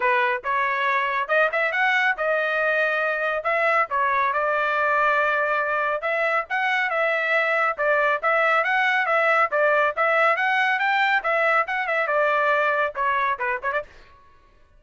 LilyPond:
\new Staff \with { instrumentName = "trumpet" } { \time 4/4 \tempo 4 = 139 b'4 cis''2 dis''8 e''8 | fis''4 dis''2. | e''4 cis''4 d''2~ | d''2 e''4 fis''4 |
e''2 d''4 e''4 | fis''4 e''4 d''4 e''4 | fis''4 g''4 e''4 fis''8 e''8 | d''2 cis''4 b'8 cis''16 d''16 | }